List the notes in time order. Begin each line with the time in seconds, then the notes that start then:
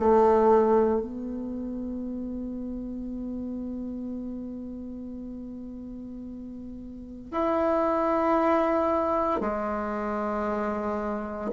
0.00 A3
1.01 B3
7.32 E4
9.41 G#3